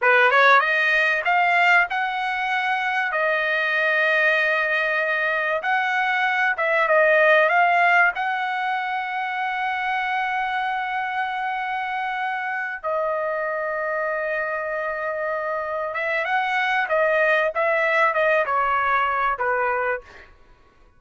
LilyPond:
\new Staff \with { instrumentName = "trumpet" } { \time 4/4 \tempo 4 = 96 b'8 cis''8 dis''4 f''4 fis''4~ | fis''4 dis''2.~ | dis''4 fis''4. e''8 dis''4 | f''4 fis''2.~ |
fis''1~ | fis''8 dis''2.~ dis''8~ | dis''4. e''8 fis''4 dis''4 | e''4 dis''8 cis''4. b'4 | }